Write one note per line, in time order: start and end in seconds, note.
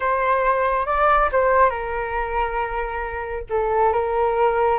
0.00 0.86 C5
0.86 1.29 D5
1.32 1.70 C5
1.70 3.44 A#4
3.49 3.92 A4
3.92 4.78 A#4